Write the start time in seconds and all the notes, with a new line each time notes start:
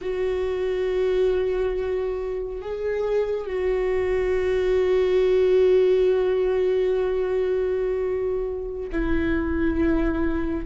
0.01 F#4
2.61 G#4
3.46 F#4
8.92 E4